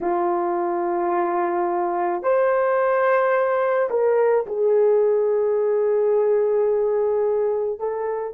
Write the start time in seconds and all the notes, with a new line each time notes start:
0.01 F4
2.22 C5
3.89 A#4
4.46 G#4
7.79 A4